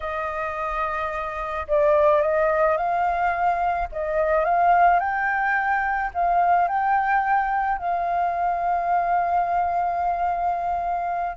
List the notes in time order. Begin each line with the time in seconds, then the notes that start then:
0.00 D#5
1.67 D5
2.21 D#5
2.77 F5
3.92 D#5
4.44 F5
4.99 G5
6.14 F5
6.67 G5
7.78 F5